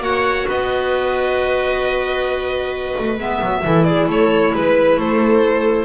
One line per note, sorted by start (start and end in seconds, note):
0.00 0.45 A#3
0.00 3.16 F#4
0.00 0.47 C#5
0.00 0.48 F#5
0.47 2.96 B3
0.47 3.63 B4
0.47 3.19 D#5
2.98 3.17 A3
3.17 3.40 G#3
3.17 3.63 B3
3.17 3.84 E5
3.41 3.64 F#3
3.64 4.07 E3
3.64 5.85 E4
3.64 3.86 A4
3.84 4.07 G#4
3.84 4.06 D5
4.07 4.52 A3
4.07 4.53 A4
4.07 4.55 C#5
4.53 4.96 G#3
4.53 4.98 B4
4.53 4.99 B4
4.96 5.85 A3
4.96 5.85 A4
4.96 5.85 C5